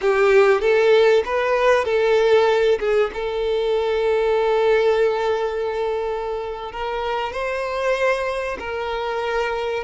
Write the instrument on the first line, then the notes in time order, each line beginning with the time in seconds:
violin
0.01 G4
0.60 A4
1.25 B4
1.84 A4
2.79 G#4
3.13 A4
6.72 A#4
7.32 C5
8.59 A#4